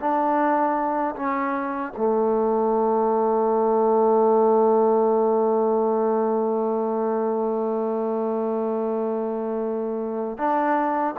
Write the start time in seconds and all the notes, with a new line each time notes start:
0.00 D4
1.16 C#4
1.98 A3
10.38 D4